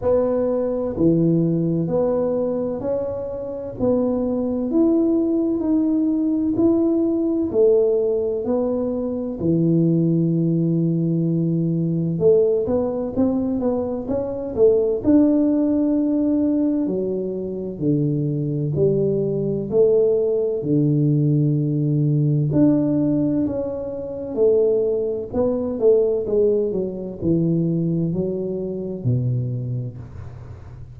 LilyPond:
\new Staff \with { instrumentName = "tuba" } { \time 4/4 \tempo 4 = 64 b4 e4 b4 cis'4 | b4 e'4 dis'4 e'4 | a4 b4 e2~ | e4 a8 b8 c'8 b8 cis'8 a8 |
d'2 fis4 d4 | g4 a4 d2 | d'4 cis'4 a4 b8 a8 | gis8 fis8 e4 fis4 b,4 | }